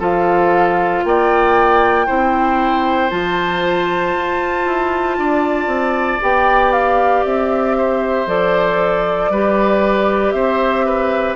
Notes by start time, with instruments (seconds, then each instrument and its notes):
0.00 bassoon F3, clarinet F4, oboe A4, flute F5
1.05 bassoon A#3, oboe D5, flute G5
2.07 bassoon C4, clarinet E4, oboe C5
3.10 bassoon F3, clarinet F4, flute A5
4.15 bassoon F4
4.66 bassoon E4
5.18 bassoon D4, oboe D5
5.67 bassoon C4
6.21 bassoon B3, clarinet G4, flute G5
6.73 flute F5
7.25 bassoon C4, flute E5
7.78 oboe C5
8.27 bassoon F3, clarinet A4, flute D5
9.30 bassoon G3, clarinet G4, oboe B4
10.32 bassoon C4, oboe C5, flute E5
10.86 oboe B4